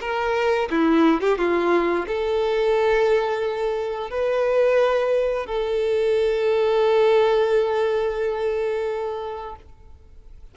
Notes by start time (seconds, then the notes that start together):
0.00 A#4
0.70 E4
1.21 G4
1.38 F4
2.07 A4
4.10 B4
5.46 A4